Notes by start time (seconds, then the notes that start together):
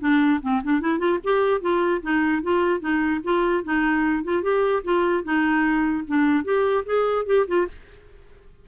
0.00 D4
0.42 C4
0.64 D4
0.81 E4
0.99 F4
1.24 G4
1.61 F4
2.02 D#4
2.43 F4
2.80 D#4
3.24 F4
3.64 D#4
4.24 F4
4.43 G4
4.84 F4
5.24 D#4
6.07 D4
6.44 G4
6.85 G#4
7.26 G4
7.47 F4